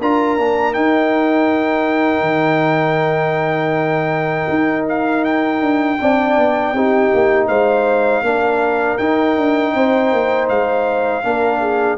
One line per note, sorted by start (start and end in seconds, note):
0.00 0.38 D4
0.00 0.38 F4
0.00 6.00 A#4
0.00 0.74 A#5
0.38 0.76 A#3
0.38 0.73 D4
0.73 5.98 D#4
0.73 2.21 D#4
0.73 4.86 G5
2.21 4.46 D#3
4.49 5.61 D#4
4.89 5.24 F5
5.24 7.48 G5
5.61 5.98 D4
6.01 6.37 C4
6.01 6.76 D4
6.01 6.75 D5
6.37 6.73 B3
6.73 7.10 C4
6.73 8.24 D#4
6.73 7.48 G4
7.14 7.49 A#3
7.48 8.22 G#3
7.48 8.23 C5
7.48 8.98 F5
8.22 8.97 A#3
8.22 8.99 D4
8.22 9.74 A#4
8.98 11.23 D#4
8.98 9.37 D#4
8.98 10.48 G5
9.37 9.75 D4
9.74 10.12 C4
9.74 11.24 C5
10.12 10.50 A#3
10.49 11.24 G#3
10.49 11.98 F5
11.23 11.98 A#3
11.23 11.98 D4
11.23 11.60 A#4
11.60 11.98 G#4